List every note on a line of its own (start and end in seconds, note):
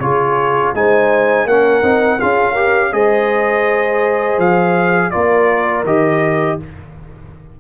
0.00 0.73 C#3
0.00 0.75 F4
0.00 0.76 G#4
0.00 0.73 C#5
0.74 1.46 G#3
0.74 1.49 D#4
0.74 1.47 C5
0.74 1.48 G#5
1.46 1.82 A#3
1.46 1.83 C#4
1.46 2.19 A#4
1.46 2.20 F#5
1.83 2.20 C4
1.83 2.19 D#4
2.19 2.93 C#4
2.19 2.56 F4
2.19 2.52 G#4
2.19 2.93 F5
2.52 2.93 G4
2.52 2.89 A#4
2.93 4.38 G#3
2.93 5.12 G#4
2.93 5.12 C5
2.93 4.40 D#5
4.38 5.11 F3
4.38 5.11 F5
5.11 5.84 A#3
5.11 5.85 F4
5.11 6.59 A#4
5.11 5.84 D5
5.84 6.57 D#3
5.84 6.60 G4
5.84 6.60 D#5